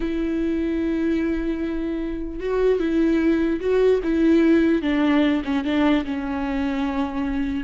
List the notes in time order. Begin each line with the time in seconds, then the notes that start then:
0.00 E4
2.40 F#4
2.79 E4
3.60 F#4
4.03 E4
4.81 D4
5.44 C#4
5.64 D4
6.04 C#4